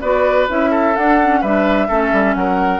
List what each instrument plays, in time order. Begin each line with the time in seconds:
0.00 bassoon B3, clarinet F#4, oboe B4, flute D5
0.48 bassoon C#4, clarinet E4, flute E5
0.70 oboe A4
0.96 bassoon D4, clarinet D4, flute F#5
1.22 clarinet C#4
1.40 bassoon G3, clarinet D4, oboe B4, flute E5
1.88 bassoon A3, clarinet C#4, oboe A4
2.12 bassoon G3
2.34 bassoon F#3, oboe A#4, flute F#5